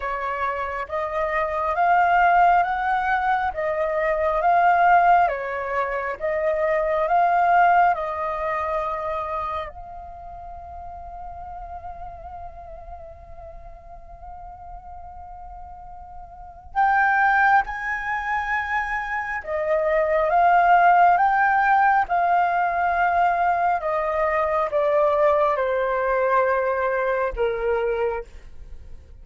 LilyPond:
\new Staff \with { instrumentName = "flute" } { \time 4/4 \tempo 4 = 68 cis''4 dis''4 f''4 fis''4 | dis''4 f''4 cis''4 dis''4 | f''4 dis''2 f''4~ | f''1~ |
f''2. g''4 | gis''2 dis''4 f''4 | g''4 f''2 dis''4 | d''4 c''2 ais'4 | }